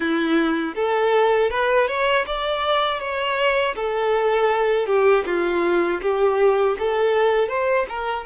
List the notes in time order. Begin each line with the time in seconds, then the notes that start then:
0.00 E4
0.75 A4
1.50 B4
1.88 C#5
2.26 D5
2.99 C#5
3.75 A4
4.86 G4
5.25 F4
6.01 G4
6.78 A4
7.48 C5
7.89 A#4